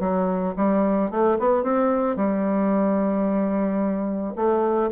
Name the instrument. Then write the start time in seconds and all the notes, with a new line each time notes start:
bassoon
0.00 F#3
0.57 G3
1.11 A3
1.39 B3
1.64 C4
2.16 G3
4.36 A3